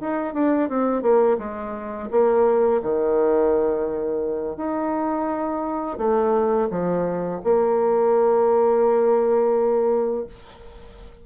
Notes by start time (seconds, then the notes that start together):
0.00 D#4
0.33 D4
0.69 C4
1.02 A#3
1.38 G#3
2.10 A#3
2.82 D#3
4.56 D#4
5.98 A3
6.70 F3
7.43 A#3